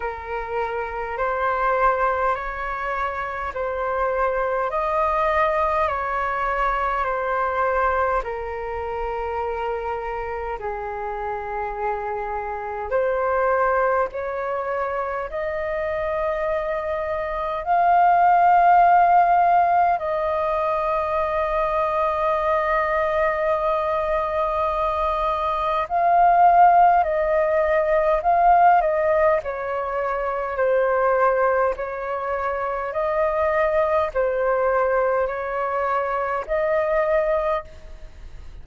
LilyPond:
\new Staff \with { instrumentName = "flute" } { \time 4/4 \tempo 4 = 51 ais'4 c''4 cis''4 c''4 | dis''4 cis''4 c''4 ais'4~ | ais'4 gis'2 c''4 | cis''4 dis''2 f''4~ |
f''4 dis''2.~ | dis''2 f''4 dis''4 | f''8 dis''8 cis''4 c''4 cis''4 | dis''4 c''4 cis''4 dis''4 | }